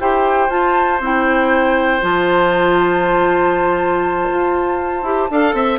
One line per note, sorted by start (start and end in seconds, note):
0.00 0.49 E4
0.00 0.50 G4
0.00 5.31 C5
0.00 0.50 G5
0.49 1.00 F4
0.49 1.01 A5
1.00 2.01 C4
1.00 2.01 E4
1.00 2.03 G5
2.01 4.29 F3
2.01 5.03 F4
2.01 5.80 A5
4.30 5.03 F4
5.03 5.28 E4
5.03 5.30 G4
5.31 5.54 D4
5.31 5.80 A4
5.31 5.55 F5
5.54 5.79 C4
5.54 5.80 E5